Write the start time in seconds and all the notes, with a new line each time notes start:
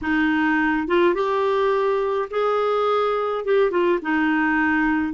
0.01 D#4
0.87 F4
1.14 G4
2.30 G#4
3.44 G4
3.70 F4
4.02 D#4